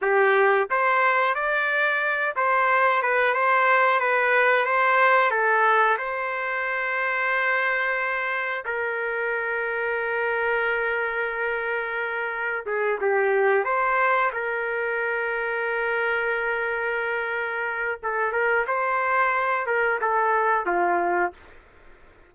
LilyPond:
\new Staff \with { instrumentName = "trumpet" } { \time 4/4 \tempo 4 = 90 g'4 c''4 d''4. c''8~ | c''8 b'8 c''4 b'4 c''4 | a'4 c''2.~ | c''4 ais'2.~ |
ais'2. gis'8 g'8~ | g'8 c''4 ais'2~ ais'8~ | ais'2. a'8 ais'8 | c''4. ais'8 a'4 f'4 | }